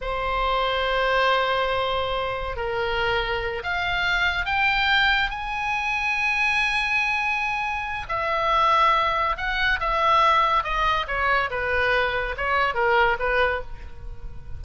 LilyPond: \new Staff \with { instrumentName = "oboe" } { \time 4/4 \tempo 4 = 141 c''1~ | c''2 ais'2~ | ais'8 f''2 g''4.~ | g''8 gis''2.~ gis''8~ |
gis''2. e''4~ | e''2 fis''4 e''4~ | e''4 dis''4 cis''4 b'4~ | b'4 cis''4 ais'4 b'4 | }